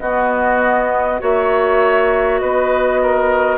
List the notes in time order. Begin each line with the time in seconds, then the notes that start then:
0.00 B3 F#4 D#5
1.20 A#3 F#4 C#5 E5
2.39 B3 B4 D#5
3.02 A#4